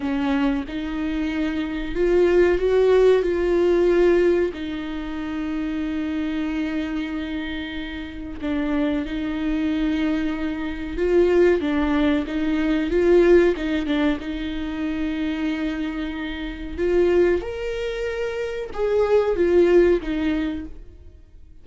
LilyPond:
\new Staff \with { instrumentName = "viola" } { \time 4/4 \tempo 4 = 93 cis'4 dis'2 f'4 | fis'4 f'2 dis'4~ | dis'1~ | dis'4 d'4 dis'2~ |
dis'4 f'4 d'4 dis'4 | f'4 dis'8 d'8 dis'2~ | dis'2 f'4 ais'4~ | ais'4 gis'4 f'4 dis'4 | }